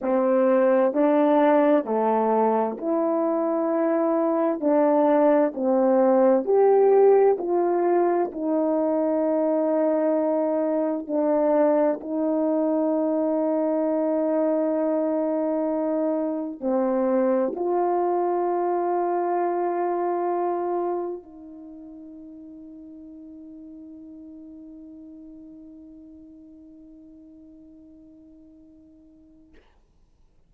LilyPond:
\new Staff \with { instrumentName = "horn" } { \time 4/4 \tempo 4 = 65 c'4 d'4 a4 e'4~ | e'4 d'4 c'4 g'4 | f'4 dis'2. | d'4 dis'2.~ |
dis'2 c'4 f'4~ | f'2. dis'4~ | dis'1~ | dis'1 | }